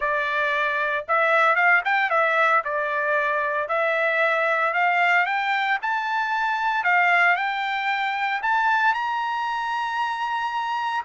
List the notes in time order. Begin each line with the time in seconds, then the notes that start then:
0.00 D5
1.07 E5
1.55 F5
1.84 G5
2.10 E5
2.64 D5
3.68 E5
4.73 F5
5.25 G5
5.82 A5
6.83 F5
7.35 G5
8.42 A5
8.94 A#5